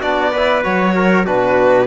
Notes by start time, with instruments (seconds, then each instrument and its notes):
0.00 cello B3, trombone D4, trumpet F#4, violin D5
0.31 trombone E4, trumpet B4
0.63 cello F#3, trombone F#4, violin C#5
0.95 trumpet A#4
1.25 cello B2, trombone D4, trumpet F#4, violin B4